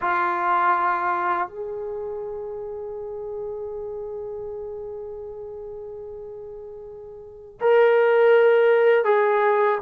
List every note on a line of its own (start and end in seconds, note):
0.01 1.48 F4
1.48 7.59 G#4
7.61 9.04 A#4
9.04 9.78 G#4